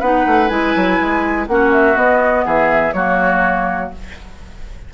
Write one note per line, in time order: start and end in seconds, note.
0.00 0.25 B3
0.00 0.49 D#4
0.00 1.46 B4
0.00 0.49 F#5
0.26 0.51 A3
0.49 0.75 G#3
0.49 1.47 E4
0.49 1.46 G#5
0.76 1.00 F#3
1.01 1.48 G#3
1.47 1.96 A#3
1.47 1.95 C#4
1.47 2.45 F#4
1.47 1.72 F#5
1.72 1.97 E5
1.95 2.92 B3
1.95 2.45 B3
1.95 2.46 D#5
2.45 2.94 E3
2.45 2.94 G#4
2.45 2.93 E5
2.93 3.91 F#3
2.93 3.94 A#3
2.93 3.94 F#4
2.93 3.91 C#5